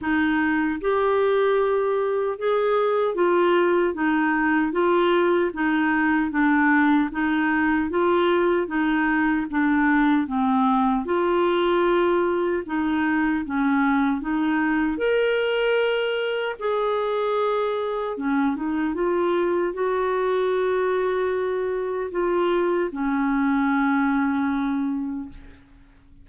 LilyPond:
\new Staff \with { instrumentName = "clarinet" } { \time 4/4 \tempo 4 = 76 dis'4 g'2 gis'4 | f'4 dis'4 f'4 dis'4 | d'4 dis'4 f'4 dis'4 | d'4 c'4 f'2 |
dis'4 cis'4 dis'4 ais'4~ | ais'4 gis'2 cis'8 dis'8 | f'4 fis'2. | f'4 cis'2. | }